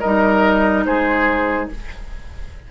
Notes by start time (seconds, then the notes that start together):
0.00 G3 D#4 A#4 D#5
0.85 G#3 G#4 C5